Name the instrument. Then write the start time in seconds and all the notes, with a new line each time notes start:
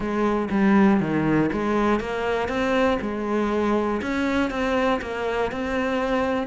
cello
0.00 G#3
0.50 G3
1.00 D#3
1.52 G#3
2.00 A#3
2.48 C4
3.01 G#3
4.02 C#4
4.50 C4
5.01 A#3
5.51 C4